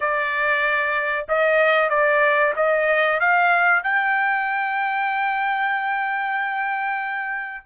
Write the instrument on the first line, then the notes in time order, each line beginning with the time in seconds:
trumpet
0.00 D5
1.28 D#5
1.89 D5
2.56 D#5
3.20 F5
3.83 G5